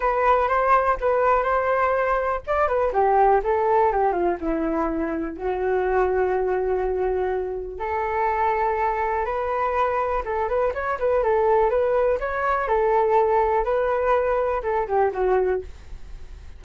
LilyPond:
\new Staff \with { instrumentName = "flute" } { \time 4/4 \tempo 4 = 123 b'4 c''4 b'4 c''4~ | c''4 d''8 b'8 g'4 a'4 | g'8 f'8 e'2 fis'4~ | fis'1 |
a'2. b'4~ | b'4 a'8 b'8 cis''8 b'8 a'4 | b'4 cis''4 a'2 | b'2 a'8 g'8 fis'4 | }